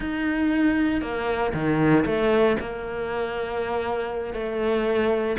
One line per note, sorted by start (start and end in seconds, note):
0.00 1.01 D#4
1.01 1.52 A#3
1.53 2.04 D#3
2.05 2.56 A3
2.60 4.33 A#3
4.33 5.36 A3